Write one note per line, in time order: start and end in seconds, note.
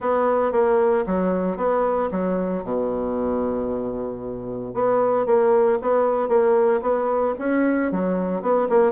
0.00 0.52 B3
0.52 1.04 A#3
1.06 1.56 F#3
1.56 2.09 B3
2.11 2.63 F#3
2.63 4.73 B2
4.73 5.26 B3
5.26 5.78 A#3
5.81 6.28 B3
6.28 6.81 A#3
6.81 7.34 B3
7.38 7.91 C#4
7.91 8.41 F#3
8.41 8.68 B3
8.69 8.91 A#3